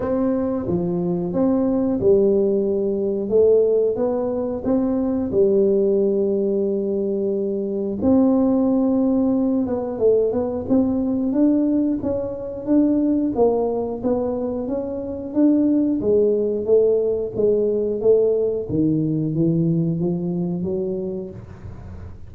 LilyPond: \new Staff \with { instrumentName = "tuba" } { \time 4/4 \tempo 4 = 90 c'4 f4 c'4 g4~ | g4 a4 b4 c'4 | g1 | c'2~ c'8 b8 a8 b8 |
c'4 d'4 cis'4 d'4 | ais4 b4 cis'4 d'4 | gis4 a4 gis4 a4 | dis4 e4 f4 fis4 | }